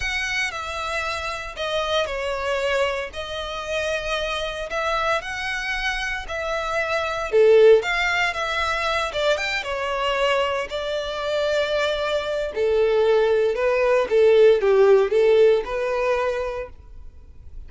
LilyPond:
\new Staff \with { instrumentName = "violin" } { \time 4/4 \tempo 4 = 115 fis''4 e''2 dis''4 | cis''2 dis''2~ | dis''4 e''4 fis''2 | e''2 a'4 f''4 |
e''4. d''8 g''8 cis''4.~ | cis''8 d''2.~ d''8 | a'2 b'4 a'4 | g'4 a'4 b'2 | }